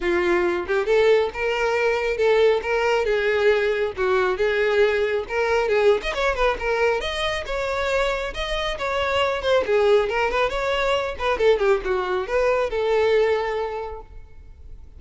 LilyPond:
\new Staff \with { instrumentName = "violin" } { \time 4/4 \tempo 4 = 137 f'4. g'8 a'4 ais'4~ | ais'4 a'4 ais'4 gis'4~ | gis'4 fis'4 gis'2 | ais'4 gis'8. dis''16 cis''8 b'8 ais'4 |
dis''4 cis''2 dis''4 | cis''4. c''8 gis'4 ais'8 b'8 | cis''4. b'8 a'8 g'8 fis'4 | b'4 a'2. | }